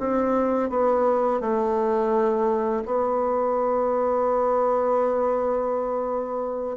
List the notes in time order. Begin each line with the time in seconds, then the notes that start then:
0.00 C4
0.70 B3
1.41 A3
2.86 B3